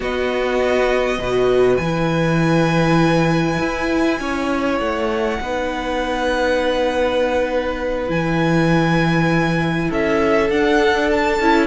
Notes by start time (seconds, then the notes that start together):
0.00 B3 F#4 D#5
1.18 B2 F#4 B4
1.77 E3 G#5
1.84 E4
3.59 E4
4.19 C#4 C#5
4.79 A3 F#5
5.40 B3 D#4 B4
8.07 E3 E4 G#5
9.88 C#4 A4 E5
10.49 D4 F#5
11.11 A5
11.39 C#4 E4